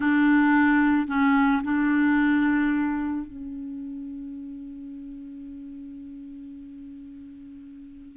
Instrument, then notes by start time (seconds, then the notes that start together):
clarinet
0.00 D4
1.07 C#4
1.63 D4
3.26 C#4